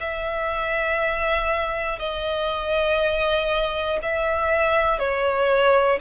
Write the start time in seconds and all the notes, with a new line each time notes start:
0.00 E5
1.99 D#5
4.02 E5
4.99 C#5